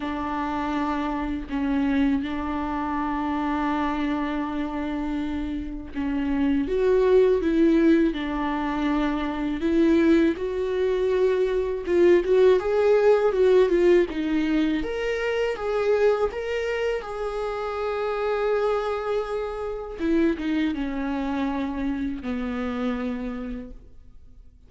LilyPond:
\new Staff \with { instrumentName = "viola" } { \time 4/4 \tempo 4 = 81 d'2 cis'4 d'4~ | d'1 | cis'4 fis'4 e'4 d'4~ | d'4 e'4 fis'2 |
f'8 fis'8 gis'4 fis'8 f'8 dis'4 | ais'4 gis'4 ais'4 gis'4~ | gis'2. e'8 dis'8 | cis'2 b2 | }